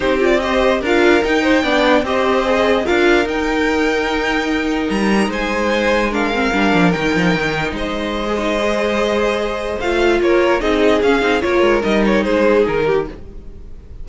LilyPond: <<
  \new Staff \with { instrumentName = "violin" } { \time 4/4 \tempo 4 = 147 c''8 d''8 dis''4 f''4 g''4~ | g''4 dis''2 f''4 | g''1 | ais''4 gis''2 f''4~ |
f''4 g''2 dis''4~ | dis''1 | f''4 cis''4 dis''4 f''4 | cis''4 dis''8 cis''8 c''4 ais'4 | }
  \new Staff \with { instrumentName = "violin" } { \time 4/4 g'4 c''4 ais'4. c''8 | d''4 c''2 ais'4~ | ais'1~ | ais'4 c''2 ais'4~ |
ais'2. c''4~ | c''1~ | c''4 ais'4 gis'2 | ais'2 gis'4. g'8 | }
  \new Staff \with { instrumentName = "viola" } { \time 4/4 dis'8 f'8 g'4 f'4 dis'4 | d'4 g'4 gis'4 f'4 | dis'1~ | dis'2. d'8 c'8 |
d'4 dis'2.~ | dis'16 gis'16 dis'8 gis'2. | f'2 dis'4 cis'8 dis'8 | f'4 dis'2. | }
  \new Staff \with { instrumentName = "cello" } { \time 4/4 c'2 d'4 dis'4 | b4 c'2 d'4 | dis'1 | g4 gis2. |
g8 f8 dis8 f8 dis4 gis4~ | gis1 | a4 ais4 c'4 cis'8 c'8 | ais8 gis8 g4 gis4 dis4 | }
>>